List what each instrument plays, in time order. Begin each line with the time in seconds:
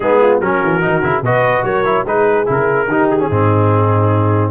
0.00 tuba G#3, trombone B3, horn D#4, trumpet G#4
0.20 horn F4
0.40 tuba F#3, trombone C#4, horn F#4, trumpet A#4
0.63 tuba E3
0.81 tuba D#3, trombone D#4
1.02 tuba C#3, trombone E4
1.21 tuba B2, trombone F#4, horn B4, trumpet D#5
1.63 tuba F#3, horn A#4, trumpet C#5
1.85 trombone E4
2.04 tuba G#3, trombone D#4, horn G#4, trumpet B4
2.45 tuba C#3, trombone E4, trumpet A#4
2.87 tuba D#3, trombone D#4, horn G4
3.09 trumpet G#4
3.19 trombone C#4
3.27 tuba G#2, trombone C4, horn D#4